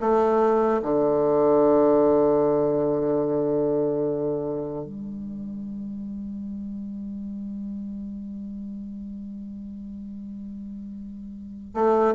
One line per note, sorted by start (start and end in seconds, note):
0.00 0.81 A3
0.82 4.85 D3
4.85 11.74 G3
11.74 12.14 A3